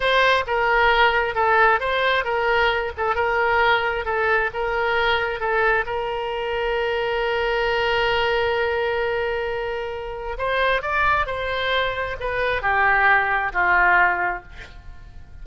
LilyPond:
\new Staff \with { instrumentName = "oboe" } { \time 4/4 \tempo 4 = 133 c''4 ais'2 a'4 | c''4 ais'4. a'8 ais'4~ | ais'4 a'4 ais'2 | a'4 ais'2.~ |
ais'1~ | ais'2. c''4 | d''4 c''2 b'4 | g'2 f'2 | }